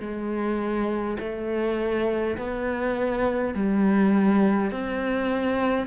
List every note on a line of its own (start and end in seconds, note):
0.00 1.18 G#3
1.19 2.37 A3
2.37 3.55 B3
3.55 4.72 G3
4.72 5.87 C4